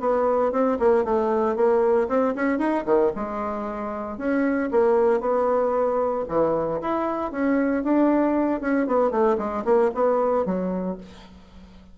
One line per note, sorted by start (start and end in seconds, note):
0.00 0.52 B3
0.52 0.78 C4
0.79 1.04 A#3
1.04 1.56 A3
1.56 2.08 A#3
2.08 2.35 C4
2.35 2.59 C#4
2.59 2.85 D#4
2.86 3.12 D#3
3.16 4.18 G#3
4.18 4.70 C#4
4.71 5.21 A#3
5.21 6.25 B3
6.29 6.81 E3
6.81 7.32 E4
7.32 7.84 C#4
7.84 8.61 D4
8.61 8.87 C#4
8.87 9.11 B3
9.11 9.37 A3
9.38 9.64 G#3
9.65 9.91 A#3
9.94 10.46 B3
10.46 10.98 F#3